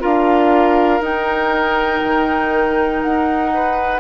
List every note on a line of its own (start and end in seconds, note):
0.00 1.00 D4
0.00 1.00 F4
0.00 3.51 A#4
0.00 1.03 F5
1.00 2.00 D#4
1.00 4.00 D#4
1.00 3.03 G5
2.03 3.03 D#3
3.03 4.00 D#4
3.03 4.00 F#5
3.54 4.00 B4